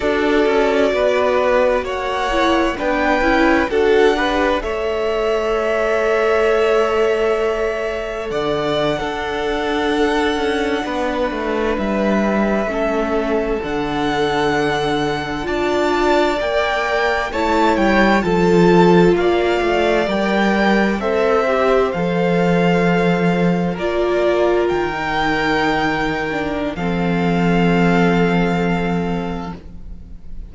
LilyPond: <<
  \new Staff \with { instrumentName = "violin" } { \time 4/4 \tempo 4 = 65 d''2 fis''4 g''4 | fis''4 e''2.~ | e''4 fis''2.~ | fis''8. e''2 fis''4~ fis''16~ |
fis''8. a''4 g''4 a''8 g''8 a''16~ | a''8. f''4 g''4 e''4 f''16~ | f''4.~ f''16 d''4 g''4~ g''16~ | g''4 f''2. | }
  \new Staff \with { instrumentName = "violin" } { \time 4/4 a'4 b'4 cis''4 b'4 | a'8 b'8 cis''2.~ | cis''4 d''8. a'2 b'16~ | b'4.~ b'16 a'2~ a'16~ |
a'8. d''2 cis''4 a'16~ | a'8. d''2 c''4~ c''16~ | c''4.~ c''16 ais'2~ ais'16~ | ais'4 a'2. | }
  \new Staff \with { instrumentName = "viola" } { \time 4/4 fis'2~ fis'8 e'8 d'8 e'8 | fis'8 g'8 a'2.~ | a'4.~ a'16 d'2~ d'16~ | d'4.~ d'16 cis'4 d'4~ d'16~ |
d'8. f'4 ais'4 e'4 f'16~ | f'4.~ f'16 ais'4 a'8 g'8 a'16~ | a'4.~ a'16 f'4~ f'16 dis'4~ | dis'8 d'8 c'2. | }
  \new Staff \with { instrumentName = "cello" } { \time 4/4 d'8 cis'8 b4 ais4 b8 cis'8 | d'4 a2.~ | a4 d8. d'4. cis'8 b16~ | b16 a8 g4 a4 d4~ d16~ |
d8. d'4 ais4 a8 g8 f16~ | f8. ais8 a8 g4 c'4 f16~ | f4.~ f16 ais4 dis4~ dis16~ | dis4 f2. | }
>>